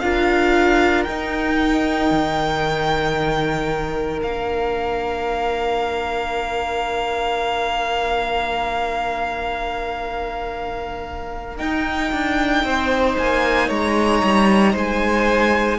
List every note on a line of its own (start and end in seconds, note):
0.00 1.07 D4
0.00 1.08 F4
0.00 12.65 A#4
0.00 1.04 F5
1.04 4.23 D#4
1.04 2.11 D#4
1.04 4.20 G5
2.11 4.22 D#3
4.23 11.60 A#3
4.23 11.58 D4
4.23 11.57 F5
11.57 15.79 D#4
11.57 12.13 D#4
11.57 13.15 G5
12.13 12.64 D4
12.64 13.17 C4
12.64 13.68 C5
13.18 13.70 A#3
13.18 13.70 G#5
13.68 14.23 G#3
13.68 14.73 C#5
13.68 14.75 A#5
14.24 14.75 G3
14.73 15.79 G#3
14.73 15.78 C5
14.73 15.79 G#5